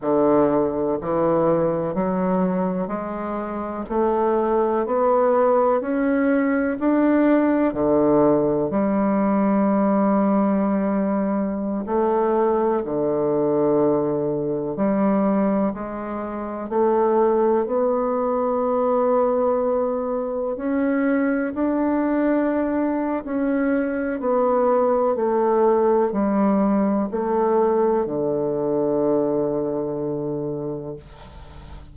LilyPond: \new Staff \with { instrumentName = "bassoon" } { \time 4/4 \tempo 4 = 62 d4 e4 fis4 gis4 | a4 b4 cis'4 d'4 | d4 g2.~ | g16 a4 d2 g8.~ |
g16 gis4 a4 b4.~ b16~ | b4~ b16 cis'4 d'4.~ d'16 | cis'4 b4 a4 g4 | a4 d2. | }